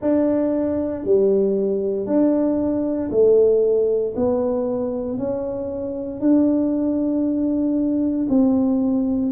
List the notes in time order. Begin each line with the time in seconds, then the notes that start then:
0.01 D4
1.04 G3
2.06 D4
3.10 A3
4.16 B3
5.17 C#4
6.20 D4
8.29 C4